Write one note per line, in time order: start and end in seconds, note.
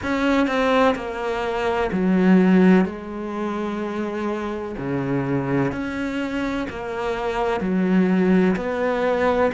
0.03 0.47 C#4
0.47 0.94 C4
0.95 1.90 A#3
1.91 2.85 F#3
2.85 4.75 G#3
4.77 5.71 C#3
5.71 6.67 C#4
6.69 7.60 A#3
7.60 8.55 F#3
8.55 9.51 B3